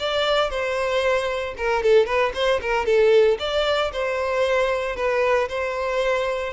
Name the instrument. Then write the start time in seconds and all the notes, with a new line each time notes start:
violin
0.00 D5
0.50 C5
1.57 A#4
1.83 A4
2.06 B4
2.35 C5
2.62 A#4
2.86 A4
3.40 D5
3.93 C5
4.96 B4
5.49 C5